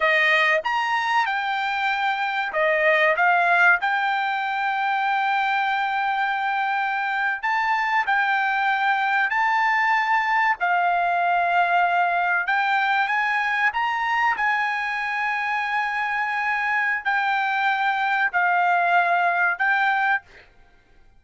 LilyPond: \new Staff \with { instrumentName = "trumpet" } { \time 4/4 \tempo 4 = 95 dis''4 ais''4 g''2 | dis''4 f''4 g''2~ | g''2.~ g''8. a''16~ | a''8. g''2 a''4~ a''16~ |
a''8. f''2. g''16~ | g''8. gis''4 ais''4 gis''4~ gis''16~ | gis''2. g''4~ | g''4 f''2 g''4 | }